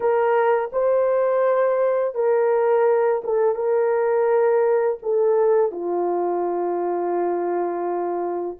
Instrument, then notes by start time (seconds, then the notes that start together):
horn
0.00 A#4
0.72 C5
2.14 A#4
3.23 A4
3.55 A#4
5.02 A4
5.71 F4